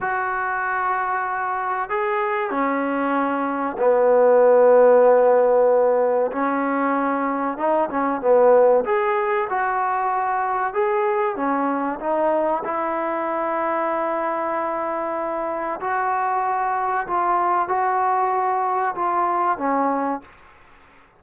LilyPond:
\new Staff \with { instrumentName = "trombone" } { \time 4/4 \tempo 4 = 95 fis'2. gis'4 | cis'2 b2~ | b2 cis'2 | dis'8 cis'8 b4 gis'4 fis'4~ |
fis'4 gis'4 cis'4 dis'4 | e'1~ | e'4 fis'2 f'4 | fis'2 f'4 cis'4 | }